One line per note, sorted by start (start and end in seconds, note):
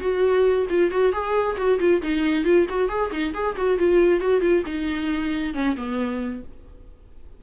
0.00 0.66 F#4
0.69 0.90 F4
0.90 1.12 F#4
1.12 1.56 G#4
1.57 1.79 F#4
1.79 2.02 F4
2.02 2.44 D#4
2.44 2.66 F4
2.69 2.88 F#4
2.88 3.10 G#4
3.11 3.33 D#4
3.34 3.56 G#4
3.56 3.78 F#4
3.78 4.20 F4
4.20 4.41 F#4
4.41 4.63 F4
4.66 5.54 D#4
5.54 5.76 C#4
5.76 6.42 B3